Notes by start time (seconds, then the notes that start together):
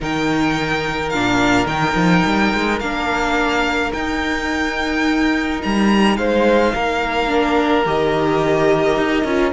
0.00 D#3 D#4 A#4 G5
1.09 A#2 D4 F5
1.66 D#3 D#4 G5
1.95 F3
2.25 G3
2.53 G#3
2.79 A#3 D4 F5
3.93 D#4 G5
5.62 G3 A#5
6.16 G#3 C5 F5
6.73 A#3 A#4
7.28 D4
7.85 D#3 G4 D#5
8.96 D#4
9.23 C#4 F4